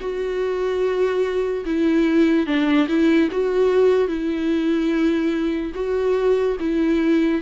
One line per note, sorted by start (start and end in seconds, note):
0.00 1.64 F#4
1.65 2.46 E4
2.46 2.87 D4
2.88 3.29 E4
3.31 4.08 F#4
4.08 5.72 E4
5.74 6.56 F#4
6.59 7.42 E4